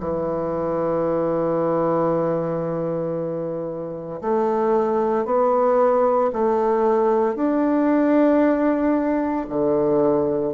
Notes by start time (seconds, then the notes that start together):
0.00 E3
4.21 A3
5.25 B3
6.33 A3
7.35 D4
9.49 D3